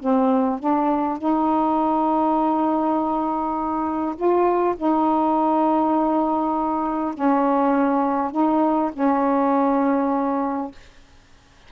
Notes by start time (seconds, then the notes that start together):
0.00 C4
0.60 D4
1.19 D#4
4.16 F4
4.77 D#4
7.14 C#4
8.32 D#4
8.94 C#4